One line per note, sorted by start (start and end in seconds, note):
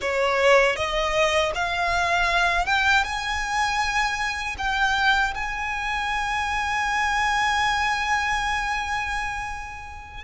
0.01 0.76 C#5
0.76 1.52 D#5
1.54 2.65 F5
2.65 3.03 G5
3.04 4.56 G#5
4.58 5.34 G5
5.34 10.23 G#5